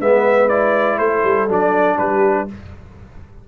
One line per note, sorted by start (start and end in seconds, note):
0.00 0.99 G#3
0.00 0.50 B3
0.00 0.99 B4
0.00 0.49 E5
0.49 1.49 E4
0.49 0.99 D5
0.99 1.24 A3
0.99 1.97 A4
0.99 1.48 C5
1.24 1.49 G3
1.49 1.98 F#3
1.49 2.49 D4
1.49 1.99 D5
1.97 2.49 G3
1.97 2.47 G4
1.97 2.48 B4